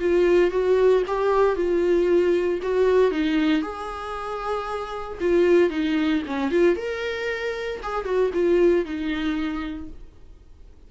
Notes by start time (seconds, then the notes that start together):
0.00 F4
0.51 F#4
1.07 G4
1.55 F4
2.62 F#4
3.11 D#4
3.62 G#4
5.20 F4
5.70 D#4
6.27 C#4
6.51 F4
6.76 A#4
7.83 G#4
8.05 F#4
8.34 F4
8.85 D#4